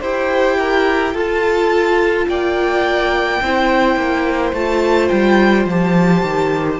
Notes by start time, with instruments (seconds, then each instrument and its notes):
0.00 cello E4, viola G4, violin C5 G5
0.58 violin A#4
1.13 cello F4, viola F4, violin A4 A5
2.28 cello A#3, violin D5 G5
3.42 cello C4, viola E4, violin C5
3.96 cello A#3
4.53 cello A3, viola F4, violin A5
5.08 cello G3, violin G5
5.66 cello F3, viola G4, violin A5
6.23 cello D#3